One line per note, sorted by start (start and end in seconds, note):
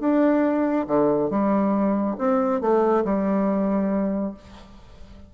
0.00 0.86 D4
0.87 1.30 D3
1.30 2.17 G3
2.18 2.61 C4
2.61 3.04 A3
3.05 4.34 G3